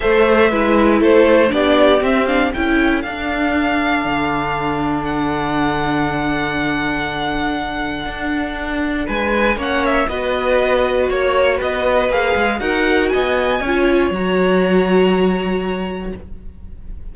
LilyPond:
<<
  \new Staff \with { instrumentName = "violin" } { \time 4/4 \tempo 4 = 119 e''2 c''4 d''4 | e''8 f''8 g''4 f''2~ | f''2 fis''2~ | fis''1~ |
fis''2 gis''4 fis''8 e''8 | dis''2 cis''4 dis''4 | f''4 fis''4 gis''2 | ais''1 | }
  \new Staff \with { instrumentName = "violin" } { \time 4/4 c''4 b'4 a'4 g'4~ | g'4 a'2.~ | a'1~ | a'1~ |
a'2 b'4 cis''4 | b'2 cis''4 b'4~ | b'4 ais'4 dis''4 cis''4~ | cis''1 | }
  \new Staff \with { instrumentName = "viola" } { \time 4/4 a'4 e'2 d'4 | c'8 d'8 e'4 d'2~ | d'1~ | d'1~ |
d'2. cis'4 | fis'1 | gis'4 fis'2 f'4 | fis'1 | }
  \new Staff \with { instrumentName = "cello" } { \time 4/4 a4 gis4 a4 b4 | c'4 cis'4 d'2 | d1~ | d1 |
d'2 gis4 ais4 | b2 ais4 b4 | ais8 gis8 dis'4 b4 cis'4 | fis1 | }
>>